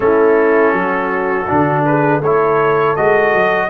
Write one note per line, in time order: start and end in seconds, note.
0.00 0.72 A3
0.00 1.46 C#4
0.00 0.75 E4
0.00 1.84 A4
0.72 1.46 F#3
0.72 1.86 F#4
1.47 2.22 D3
1.47 2.21 D4
1.85 2.19 G#4
1.85 2.22 B4
2.19 2.96 A3
2.19 3.68 A4
2.19 2.96 C#5
2.26 2.97 E4
2.96 3.33 G#3
2.96 3.69 F#4
2.96 3.69 D#5
3.33 3.69 F#3